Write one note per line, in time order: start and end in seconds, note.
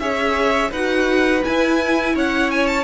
0.00 0.71 C#4
0.00 0.72 G#4
0.00 0.71 C#5
0.00 0.71 E5
0.71 1.43 D#4
0.71 1.42 F#4
0.71 2.14 B4
0.71 1.44 F#5
1.42 2.84 E4
1.42 2.16 G#5
1.49 2.15 E4
2.15 2.84 C#4
2.15 2.84 C#5
2.15 2.51 F#5
2.51 2.67 G#5
2.67 2.84 A5